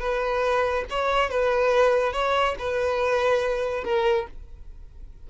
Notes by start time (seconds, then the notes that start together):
0.00 B4
0.91 C#5
1.30 B4
2.13 C#5
2.59 B4
3.85 A#4